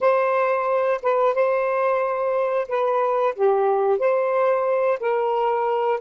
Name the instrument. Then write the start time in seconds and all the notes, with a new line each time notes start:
saxophone
0.00 C5
1.02 B4
1.34 C5
2.68 B4
3.35 G4
3.98 C5
5.00 A#4